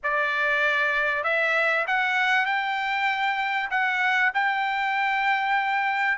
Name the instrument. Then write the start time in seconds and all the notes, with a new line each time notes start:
trumpet
0.03 D5
1.23 E5
1.87 F#5
2.45 G5
3.70 F#5
4.34 G5